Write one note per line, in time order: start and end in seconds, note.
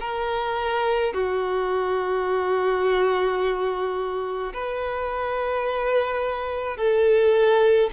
0.00 1.13 A#4
1.13 4.53 F#4
4.53 6.77 B4
6.77 7.90 A4